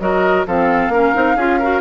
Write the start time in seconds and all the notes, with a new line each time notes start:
0.00 F#3 F#4 A#4 D#5
0.47 F3 C4 A4 F5
0.89 A#3 C#4 A#4
1.15 C4 D#4
1.36 C#4 F4 G#4
1.59 F#4 A#4